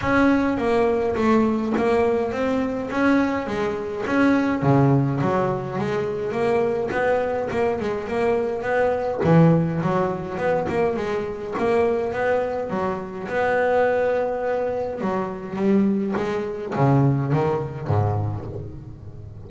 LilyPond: \new Staff \with { instrumentName = "double bass" } { \time 4/4 \tempo 4 = 104 cis'4 ais4 a4 ais4 | c'4 cis'4 gis4 cis'4 | cis4 fis4 gis4 ais4 | b4 ais8 gis8 ais4 b4 |
e4 fis4 b8 ais8 gis4 | ais4 b4 fis4 b4~ | b2 fis4 g4 | gis4 cis4 dis4 gis,4 | }